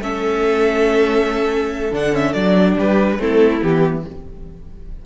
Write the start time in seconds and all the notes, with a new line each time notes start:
0.00 A3 C#4 A4 E5
1.92 D3 D4 F#5
2.12 C#4 E5
2.33 F#3 D4 D5
2.75 G3 G4 B4
3.18 A3 C4 E4 A4
3.61 E3 B3 G4